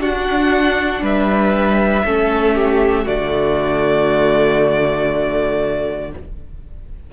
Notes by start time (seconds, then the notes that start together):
0.00 D4 F#4 F#5
1.01 G3 B4 E5
2.04 A3 C#4 A4
2.54 G4
3.04 D3 A3 F#4 D5